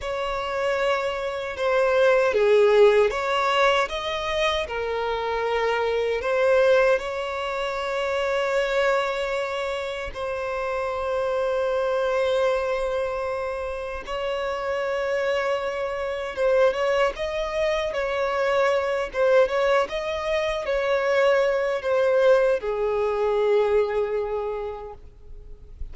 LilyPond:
\new Staff \with { instrumentName = "violin" } { \time 4/4 \tempo 4 = 77 cis''2 c''4 gis'4 | cis''4 dis''4 ais'2 | c''4 cis''2.~ | cis''4 c''2.~ |
c''2 cis''2~ | cis''4 c''8 cis''8 dis''4 cis''4~ | cis''8 c''8 cis''8 dis''4 cis''4. | c''4 gis'2. | }